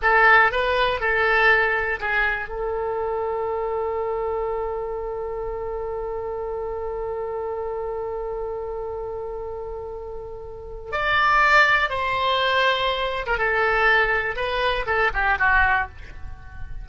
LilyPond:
\new Staff \with { instrumentName = "oboe" } { \time 4/4 \tempo 4 = 121 a'4 b'4 a'2 | gis'4 a'2.~ | a'1~ | a'1~ |
a'1~ | a'2 d''2 | c''2~ c''8. ais'16 a'4~ | a'4 b'4 a'8 g'8 fis'4 | }